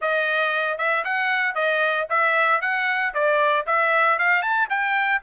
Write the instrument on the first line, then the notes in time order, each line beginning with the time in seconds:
trumpet
0.01 D#5
0.78 E5
1.04 F#5
1.54 D#5
2.09 E5
2.61 F#5
3.14 D5
3.66 E5
4.19 F5
4.41 A5
4.69 G5